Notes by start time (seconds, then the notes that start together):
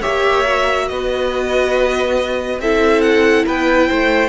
0.00 A#3 G4 C#5 E5
0.45 F#4
0.88 B3 B4 D#5
2.59 C4 E4 A4 E5
3.01 F#5
3.46 B3 B4 G5
3.87 A3 C5